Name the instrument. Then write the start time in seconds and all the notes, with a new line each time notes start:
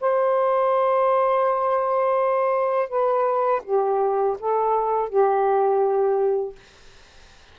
saxophone
0.00 C5
2.89 B4
3.64 G4
4.39 A4
5.09 G4